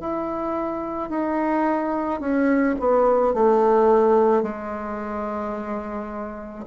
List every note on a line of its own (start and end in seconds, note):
0.00 1.10 E4
1.10 2.20 D#4
2.20 2.76 C#4
2.80 3.34 B3
3.34 4.43 A3
4.43 6.65 G#3